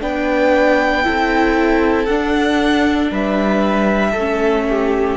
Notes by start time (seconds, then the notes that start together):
0.00 B3 D4 B4 G5
1.03 C4 E4 A4
2.05 D4 F#5
3.11 G3 B4 E5
4.11 A3 A4
4.18 C#4
4.69 G4